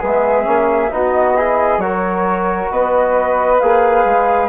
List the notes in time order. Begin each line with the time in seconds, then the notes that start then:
0.00 G#3 B3 G#4 E5
0.45 A#3 C#4
0.90 B3 D#4 F#4 D#5
1.36 E4 G#4
1.78 F#3 F#4 A#4 C#5
2.71 B3 B4 D#5
3.60 A#3 G#4 F5
4.05 G#3